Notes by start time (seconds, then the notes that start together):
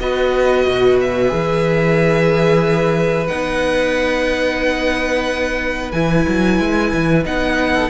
0.00 B3 F#4 B4 D#5
0.67 B2
1.01 E5
1.28 E3 G#4
3.28 B3 D#4 F#5
5.92 E3 E4 G#5
6.29 F#3
6.60 G#3
6.94 E3
7.24 B3 D#4 F#5
7.74 A4